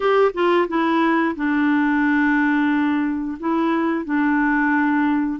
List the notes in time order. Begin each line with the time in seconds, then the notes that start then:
0.00 G4
0.34 F4
0.67 E4
1.35 D4
3.39 E4
4.04 D4